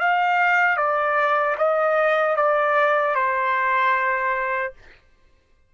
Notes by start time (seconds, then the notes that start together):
0.00 F5
0.77 D5
1.58 D#5
2.37 D5
3.15 C5